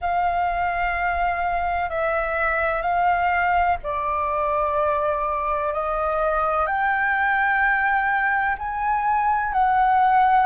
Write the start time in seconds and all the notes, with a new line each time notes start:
0.01 F5
1.89 E5
2.82 F5
3.83 D5
5.73 D#5
6.66 G5
8.58 G#5
9.52 F#5